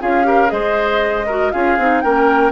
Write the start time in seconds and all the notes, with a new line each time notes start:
0.00 C#4 F4 G#4 F5
0.24 G4 A#4
0.47 G#3 G#4 C5 D#5
1.26 F#4 A#4
1.51 C#4 F4 G#4 F5
1.78 C4 D#4
2.01 A#3 C#4 A#4 G5